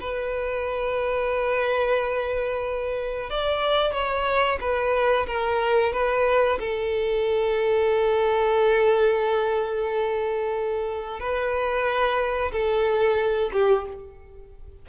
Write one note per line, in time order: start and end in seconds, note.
0.00 3.30 B4
3.30 3.92 D5
3.92 4.58 C#5
4.60 5.26 B4
5.27 5.93 A#4
5.93 6.59 B4
6.59 11.20 A4
11.20 12.52 B4
12.52 13.50 A4
13.53 13.86 G4